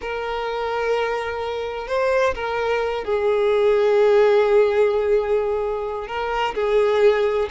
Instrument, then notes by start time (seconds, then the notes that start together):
violin
0.01 A#4
1.87 C5
2.34 A#4
3.04 G#4
6.07 A#4
6.55 G#4